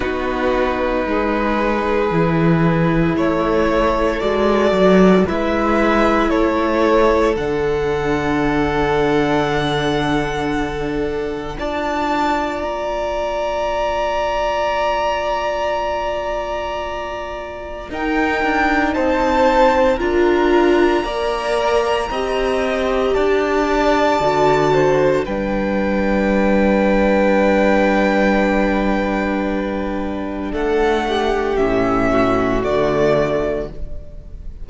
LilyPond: <<
  \new Staff \with { instrumentName = "violin" } { \time 4/4 \tempo 4 = 57 b'2. cis''4 | d''4 e''4 cis''4 fis''4~ | fis''2. a''4 | ais''1~ |
ais''4 g''4 a''4 ais''4~ | ais''2 a''2 | g''1~ | g''4 fis''4 e''4 d''4 | }
  \new Staff \with { instrumentName = "violin" } { \time 4/4 fis'4 gis'2 a'4~ | a'4 b'4 a'2~ | a'2. d''4~ | d''1~ |
d''4 ais'4 c''4 ais'4 | d''4 dis''4 d''4. c''8 | b'1~ | b'4 a'8 g'4 fis'4. | }
  \new Staff \with { instrumentName = "viola" } { \time 4/4 dis'2 e'2 | fis'4 e'2 d'4~ | d'2. f'4~ | f'1~ |
f'4 dis'2 f'4 | ais'4 g'2 fis'4 | d'1~ | d'2 cis'4 a4 | }
  \new Staff \with { instrumentName = "cello" } { \time 4/4 b4 gis4 e4 a4 | gis8 fis8 gis4 a4 d4~ | d2. d'4 | ais1~ |
ais4 dis'8 d'8 c'4 d'4 | ais4 c'4 d'4 d4 | g1~ | g4 a4 a,4 d4 | }
>>